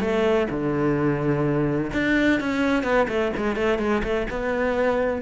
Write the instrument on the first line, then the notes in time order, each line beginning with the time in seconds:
cello
0.00 A3
0.50 D3
1.93 D4
2.40 C#4
2.83 B3
3.08 A3
3.37 G#3
3.56 A3
3.78 G#3
4.03 A3
4.30 B3